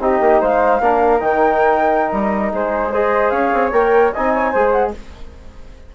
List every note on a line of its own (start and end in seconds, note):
0.00 0.20 C4
0.00 0.82 D#4
0.00 0.41 G4
0.00 0.42 D#5
0.20 0.40 A#3
0.41 0.80 G#3
0.41 0.81 C5
0.41 1.20 F5
0.80 1.21 A#3
0.80 1.20 D4
0.80 2.52 A#4
1.20 2.11 D#3
1.20 2.91 D#4
1.20 2.11 G5
2.11 2.52 G3
2.11 2.51 D#5
2.52 3.31 G#3
2.52 2.92 G#4
2.52 2.93 C5
2.92 3.73 G#4
2.92 3.32 C5
2.92 3.30 D#5
3.30 3.51 C#4
3.30 4.13 C#5
3.30 3.70 F5
3.54 3.72 C4
3.72 4.12 A#3
3.72 4.13 A#4
3.72 4.13 G5
4.13 4.55 C4
4.13 4.55 D#4
4.13 4.33 D#5
4.13 4.71 G#5
4.34 4.51 C#5
4.51 4.95 G#3
4.51 4.95 G#4
4.51 4.91 C5
4.71 4.91 F#5